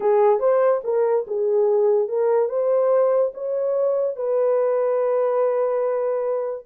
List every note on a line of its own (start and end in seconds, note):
0.00 0.39 G#4
0.39 0.81 C5
0.84 1.25 A#4
1.27 2.08 G#4
2.08 2.48 A#4
2.48 3.32 C5
3.34 4.16 C#5
4.16 6.66 B4